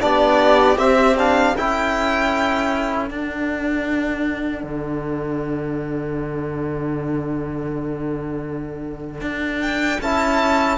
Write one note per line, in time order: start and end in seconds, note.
0.00 0.77 B3
0.00 0.77 D4
0.00 1.54 G4
0.00 0.78 D5
0.77 1.54 C4
0.77 1.17 C4
0.77 1.16 E5
1.18 1.56 D4
1.18 1.57 F5
1.54 3.10 C#4
1.54 3.09 E4
1.54 10.77 A4
1.54 3.10 G5
3.09 10.02 D4
3.09 4.64 D4
3.09 9.62 F#5
4.64 9.21 D3
9.21 9.98 D4
9.62 10.00 G5
10.01 10.78 C#4
10.01 10.78 E4
10.01 10.78 A5